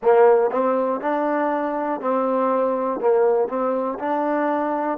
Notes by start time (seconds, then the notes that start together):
0.02 A#3
0.50 C4
1.00 D4
2.00 C4
3.00 A#3
3.48 C4
3.99 D4